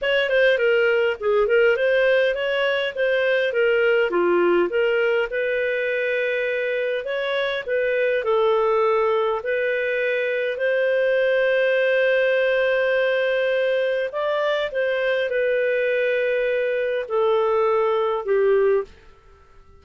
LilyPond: \new Staff \with { instrumentName = "clarinet" } { \time 4/4 \tempo 4 = 102 cis''8 c''8 ais'4 gis'8 ais'8 c''4 | cis''4 c''4 ais'4 f'4 | ais'4 b'2. | cis''4 b'4 a'2 |
b'2 c''2~ | c''1 | d''4 c''4 b'2~ | b'4 a'2 g'4 | }